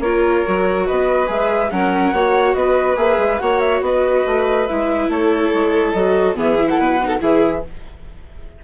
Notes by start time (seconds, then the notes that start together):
0.00 A#3 F4 A#4 C#5
0.46 F#3 F#4
0.86 B3 B4 D#5
1.27 G#3 G#4 E5
1.71 F#3 C#4 A#4 F#5
2.13 A#3 F#4 C#5
2.54 B3 B4 D#5
2.96 A#3 G#4 E5
3.18 G#3
3.39 A#3 F#4 C#5 F#5
3.60 E5
3.81 B3 B4 D#5
4.26 A3
4.67 G#3 E4 E5
5.09 A3 A4 C#5
5.54 G#3
5.92 F#3 D#5
5.98 F#4
6.35 E3 B3 G#4 E5
6.59 E4
6.68 A4 F#5
6.78 B2 B4
7.03 D#4 A4
7.20 E3 E4 G#4 E5